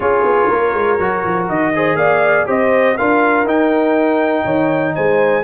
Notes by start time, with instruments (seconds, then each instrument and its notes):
0.00 tuba C#4, trombone F4, horn G#4, trumpet C#5
0.23 tuba B3
0.49 tuba A#3, horn A#4
0.73 tuba G#3
0.99 tuba F#3, trombone F#4
1.24 tuba F3
1.48 tuba D#3, trumpet D#5
1.75 trombone G#4, horn C5
1.94 tuba A#3, horn D5, trumpet F5
2.46 tuba C4, trombone G4, horn C5, trumpet D#5
2.97 tuba D4, trombone F4, horn A#4, trumpet F5
3.43 tuba D#4, trombone D#4, trumpet G5
4.44 tuba D#3, horn C#5
4.95 tuba G#3, horn C5, trumpet G#5